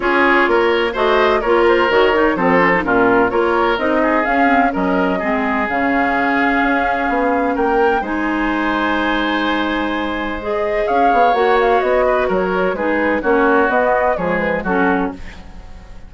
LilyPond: <<
  \new Staff \with { instrumentName = "flute" } { \time 4/4 \tempo 4 = 127 cis''2 dis''4 cis''8 c''8 | cis''4 c''4 ais'4 cis''4 | dis''4 f''4 dis''2 | f''1 |
g''4 gis''2.~ | gis''2 dis''4 f''4 | fis''8 f''8 dis''4 cis''4 b'4 | cis''4 dis''4 cis''8 b'8 a'4 | }
  \new Staff \with { instrumentName = "oboe" } { \time 4/4 gis'4 ais'4 c''4 ais'4~ | ais'4 a'4 f'4 ais'4~ | ais'8 gis'4. ais'4 gis'4~ | gis'1 |
ais'4 c''2.~ | c''2. cis''4~ | cis''4. b'8 ais'4 gis'4 | fis'2 gis'4 fis'4 | }
  \new Staff \with { instrumentName = "clarinet" } { \time 4/4 f'2 fis'4 f'4 | fis'8 dis'8 c'8 cis'16 dis'16 cis'4 f'4 | dis'4 cis'8 c'8 cis'4 c'4 | cis'1~ |
cis'4 dis'2.~ | dis'2 gis'2 | fis'2. dis'4 | cis'4 b4 gis4 cis'4 | }
  \new Staff \with { instrumentName = "bassoon" } { \time 4/4 cis'4 ais4 a4 ais4 | dis4 f4 ais,4 ais4 | c'4 cis'4 fis4 gis4 | cis2 cis'4 b4 |
ais4 gis2.~ | gis2. cis'8 b8 | ais4 b4 fis4 gis4 | ais4 b4 f4 fis4 | }
>>